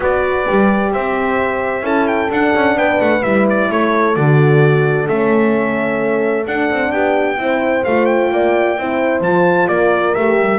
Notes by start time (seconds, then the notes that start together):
0.00 B3 F#4 B4 D5
0.46 G3 G4
0.91 C4 C5 E5
1.81 C#4 E4 A4 A5
2.07 G5
2.30 D4 F#5
2.55 C#4
2.75 B3 B4 G5
3.00 A3 F#5
3.22 G3 E4 E5
3.49 D5
3.70 A3 A4 C#5
4.15 D3 F#4 D5
5.07 A3 C#4 E5
6.46 D4 F#5
6.70 C4
6.91 B3 G4 G5
7.37 C4 E4 C5
7.84 A3 F4 F5
8.05 G5
8.31 A#3 D5
8.77 C4 E4 C5
9.20 F3 F4 A5
9.68 A#3 A#4 D5
10.14 A3 G4 E5
10.40 G3